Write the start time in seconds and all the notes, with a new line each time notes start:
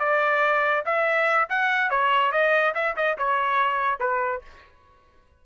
0.00 D5
0.86 E5
1.50 F#5
1.91 C#5
2.32 D#5
2.75 E5
2.97 D#5
3.18 C#5
4.00 B4